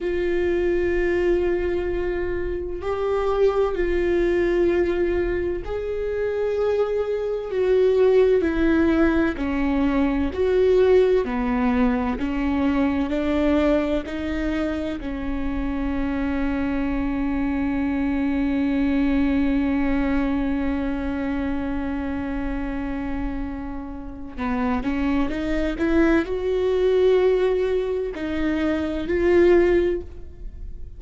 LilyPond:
\new Staff \with { instrumentName = "viola" } { \time 4/4 \tempo 4 = 64 f'2. g'4 | f'2 gis'2 | fis'4 e'4 cis'4 fis'4 | b4 cis'4 d'4 dis'4 |
cis'1~ | cis'1~ | cis'2 b8 cis'8 dis'8 e'8 | fis'2 dis'4 f'4 | }